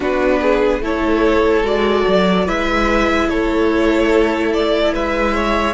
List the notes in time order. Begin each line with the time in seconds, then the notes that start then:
0.00 B3 D4 F#4 B4
0.41 G#4
0.80 A3 E4 A4 C#5
1.62 G#3 F#4 D5
2.07 F#3
2.45 G#3 E4 B4 E5
3.29 A3 A4 C#5
4.53 D5
4.93 G#3 B4 E5
5.34 C#5